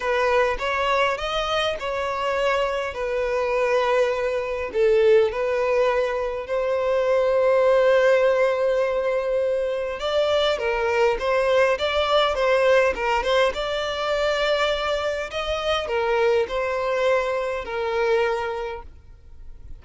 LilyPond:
\new Staff \with { instrumentName = "violin" } { \time 4/4 \tempo 4 = 102 b'4 cis''4 dis''4 cis''4~ | cis''4 b'2. | a'4 b'2 c''4~ | c''1~ |
c''4 d''4 ais'4 c''4 | d''4 c''4 ais'8 c''8 d''4~ | d''2 dis''4 ais'4 | c''2 ais'2 | }